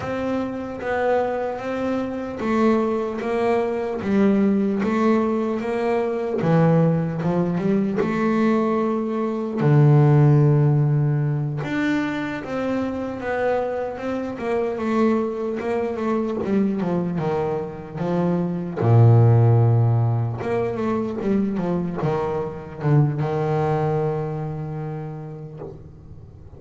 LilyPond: \new Staff \with { instrumentName = "double bass" } { \time 4/4 \tempo 4 = 75 c'4 b4 c'4 a4 | ais4 g4 a4 ais4 | e4 f8 g8 a2 | d2~ d8 d'4 c'8~ |
c'8 b4 c'8 ais8 a4 ais8 | a8 g8 f8 dis4 f4 ais,8~ | ais,4. ais8 a8 g8 f8 dis8~ | dis8 d8 dis2. | }